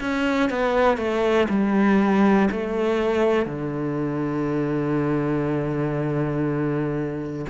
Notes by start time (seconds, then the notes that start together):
0.00 C#4
0.50 B3
0.97 A3
1.49 G3
2.51 A3
3.45 D3